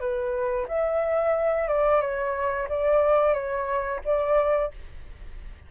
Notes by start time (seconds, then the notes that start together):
0.00 B4
0.68 E5
1.68 D5
2.01 C#5
2.69 D5
3.34 C#5
4.05 D5